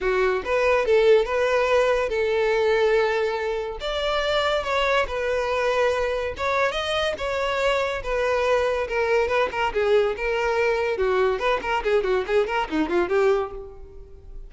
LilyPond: \new Staff \with { instrumentName = "violin" } { \time 4/4 \tempo 4 = 142 fis'4 b'4 a'4 b'4~ | b'4 a'2.~ | a'4 d''2 cis''4 | b'2. cis''4 |
dis''4 cis''2 b'4~ | b'4 ais'4 b'8 ais'8 gis'4 | ais'2 fis'4 b'8 ais'8 | gis'8 fis'8 gis'8 ais'8 dis'8 f'8 g'4 | }